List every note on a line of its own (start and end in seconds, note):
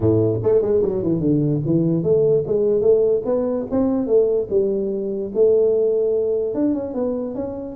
0.00 0.40 A2
0.43 0.61 A3
0.61 0.82 G#3
0.82 1.02 F#3
1.02 1.20 E3
1.20 1.60 D3
1.65 2.03 E3
2.03 2.44 A3
2.46 2.81 G#3
2.81 3.22 A3
3.25 3.66 B3
3.70 4.06 C4
4.06 4.47 A3
4.50 5.31 G3
5.34 6.54 A3
6.54 6.73 D4
6.73 6.94 C#4
6.94 7.35 B3
7.35 7.75 C#4